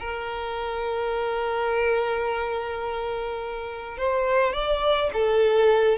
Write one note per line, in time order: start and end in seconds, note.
0.00 3.98 A#4
3.98 4.54 C5
4.54 5.11 D5
5.13 5.98 A4